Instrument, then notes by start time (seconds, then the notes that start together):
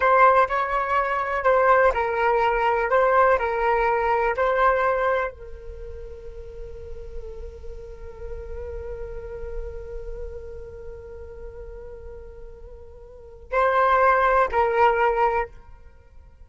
flute
0.00 C5
0.48 C#5
1.44 C5
1.94 A#4
2.90 C5
3.38 A#4
4.36 C5
5.31 A#4
13.51 C5
14.51 A#4